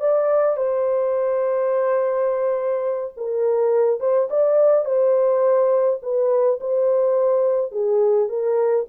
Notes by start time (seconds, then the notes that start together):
0.00 D5
0.57 C5
3.17 A#4
4.00 C5
4.30 D5
4.85 C5
6.02 B4
6.60 C5
7.72 G#4
8.29 A#4